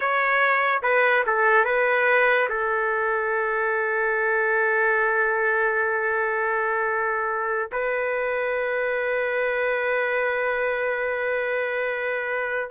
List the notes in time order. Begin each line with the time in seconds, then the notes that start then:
0.00 C#5
0.82 B4
1.26 A4
1.64 B4
2.48 A4
7.72 B4